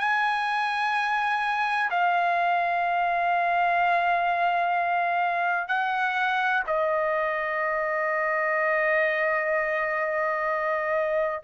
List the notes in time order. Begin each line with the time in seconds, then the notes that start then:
0.00 G#5
1.91 F5
5.68 F#5
6.67 D#5